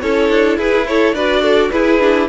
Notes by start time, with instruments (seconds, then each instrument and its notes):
0.00 cello C#4, viola E4, violin A4 C#5
0.29 cello D4
0.57 cello E4, violin G#4 B4
0.87 violin A4 C#5
1.13 cello D4, viola F#4, violin B4 D5
1.42 violin A4
1.70 viola E4, cello E4, violin G#4 B4
1.99 viola D4